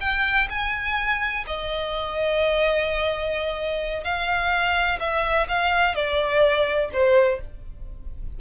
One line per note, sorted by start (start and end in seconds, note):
0.00 0.48 G5
0.49 1.44 G#5
1.46 4.04 D#5
4.04 4.99 F5
4.99 5.47 E5
5.48 5.95 F5
5.95 6.90 D5
6.93 7.40 C5